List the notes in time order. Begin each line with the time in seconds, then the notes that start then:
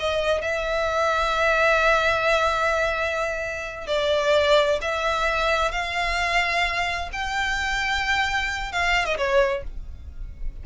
0.00 D#5
0.42 E5
3.87 D5
4.82 E5
5.72 F5
7.13 G5
8.73 F5
9.06 D#5
9.18 C#5